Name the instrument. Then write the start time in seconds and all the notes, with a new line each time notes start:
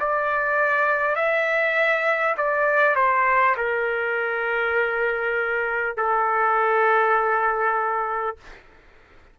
trumpet
0.00 D5
1.16 E5
2.37 D5
2.96 C5
3.57 A#4
5.97 A4